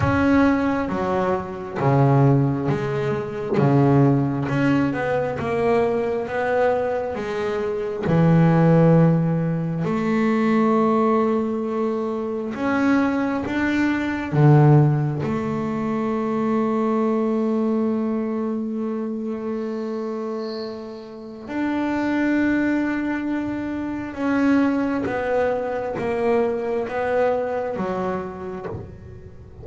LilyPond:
\new Staff \with { instrumentName = "double bass" } { \time 4/4 \tempo 4 = 67 cis'4 fis4 cis4 gis4 | cis4 cis'8 b8 ais4 b4 | gis4 e2 a4~ | a2 cis'4 d'4 |
d4 a2.~ | a1 | d'2. cis'4 | b4 ais4 b4 fis4 | }